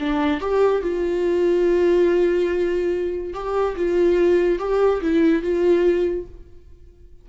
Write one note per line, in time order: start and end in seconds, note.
0.00 0.41 D4
0.41 0.82 G4
0.82 3.34 F4
3.34 3.76 G4
3.76 4.59 F4
4.59 5.01 G4
5.01 5.43 E4
5.43 6.27 F4